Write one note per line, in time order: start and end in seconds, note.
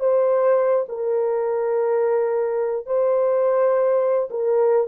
0.00 0.86 C5
0.89 2.86 A#4
2.86 4.29 C5
4.30 4.88 A#4